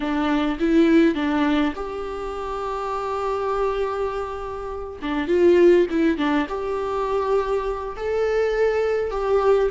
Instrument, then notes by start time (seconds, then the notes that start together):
viola
0.00 D4
0.59 E4
1.14 D4
1.75 G4
5.02 D4
5.27 F4
5.90 E4
6.17 D4
6.48 G4
7.96 A4
9.10 G4